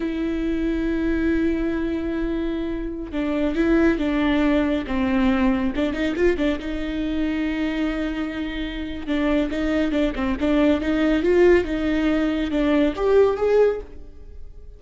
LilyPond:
\new Staff \with { instrumentName = "viola" } { \time 4/4 \tempo 4 = 139 e'1~ | e'2.~ e'16 d'8.~ | d'16 e'4 d'2 c'8.~ | c'4~ c'16 d'8 dis'8 f'8 d'8 dis'8.~ |
dis'1~ | dis'4 d'4 dis'4 d'8 c'8 | d'4 dis'4 f'4 dis'4~ | dis'4 d'4 g'4 gis'4 | }